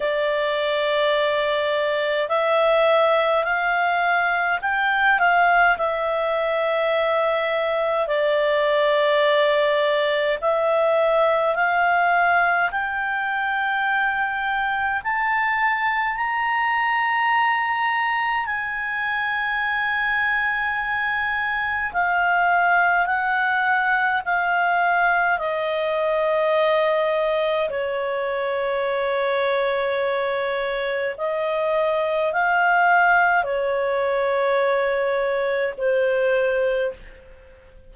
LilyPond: \new Staff \with { instrumentName = "clarinet" } { \time 4/4 \tempo 4 = 52 d''2 e''4 f''4 | g''8 f''8 e''2 d''4~ | d''4 e''4 f''4 g''4~ | g''4 a''4 ais''2 |
gis''2. f''4 | fis''4 f''4 dis''2 | cis''2. dis''4 | f''4 cis''2 c''4 | }